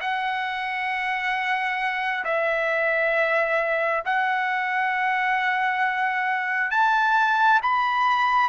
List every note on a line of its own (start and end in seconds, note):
0.00 2.24 F#5
2.24 4.03 E5
4.05 6.70 F#5
6.70 7.60 A5
7.62 8.49 B5